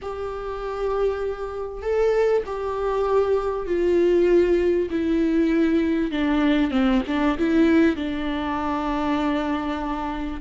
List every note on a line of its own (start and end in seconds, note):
0.02 1.81 G4
1.81 2.43 A4
2.45 3.66 G4
3.66 4.89 F4
4.90 6.11 E4
6.11 6.70 D4
6.70 7.01 C4
7.07 7.37 D4
7.38 7.95 E4
7.95 10.40 D4